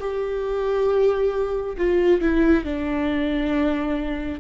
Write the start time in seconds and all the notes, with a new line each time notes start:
0.00 G4
1.77 F4
2.21 E4
2.64 D4